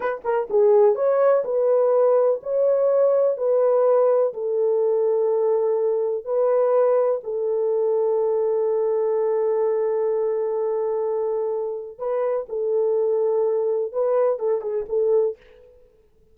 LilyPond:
\new Staff \with { instrumentName = "horn" } { \time 4/4 \tempo 4 = 125 b'8 ais'8 gis'4 cis''4 b'4~ | b'4 cis''2 b'4~ | b'4 a'2.~ | a'4 b'2 a'4~ |
a'1~ | a'1~ | a'4 b'4 a'2~ | a'4 b'4 a'8 gis'8 a'4 | }